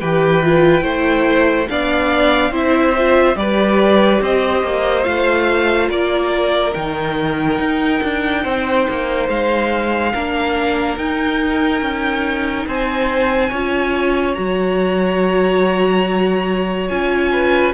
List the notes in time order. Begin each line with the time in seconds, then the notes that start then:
0.00 E3 G4 B4 G5
0.43 F4
0.81 A3 E4 C5
1.68 B3 D4 D5 F5
2.51 C4 E4 C5 E5
2.98 F4
3.35 G3 G4 B4 D5
4.21 C4 C5 D#5
4.63 A#3
5.03 A3 F4 F5
5.89 A#3 A#4 D5
6.74 D#3 D#4 G5
7.59 D#4
8.03 D4
8.43 C4 C5
8.89 A#3
9.29 G#3 F5
10.13 A#3 D4 A#4
10.97 D#4 G5
11.81 C#4
12.66 C4 C5 G#5
13.49 C#4 F4 C#5
14.34 F#3 F#4 A#5
16.88 C#4 F4 G#5
17.32 B4